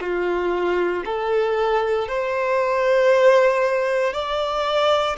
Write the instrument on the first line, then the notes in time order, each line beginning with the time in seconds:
violin
0.00 F4
1.05 A4
2.08 C5
4.13 D5